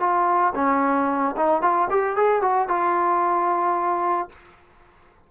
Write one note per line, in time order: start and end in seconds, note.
0.00 0.54 F4
0.55 1.36 C#4
1.37 1.62 D#4
1.62 1.88 F4
1.90 2.16 G4
2.16 2.42 G#4
2.42 2.68 F#4
2.68 4.29 F4